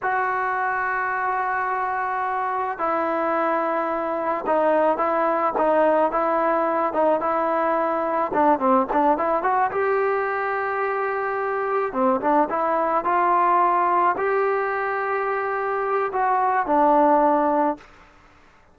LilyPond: \new Staff \with { instrumentName = "trombone" } { \time 4/4 \tempo 4 = 108 fis'1~ | fis'4 e'2. | dis'4 e'4 dis'4 e'4~ | e'8 dis'8 e'2 d'8 c'8 |
d'8 e'8 fis'8 g'2~ g'8~ | g'4. c'8 d'8 e'4 f'8~ | f'4. g'2~ g'8~ | g'4 fis'4 d'2 | }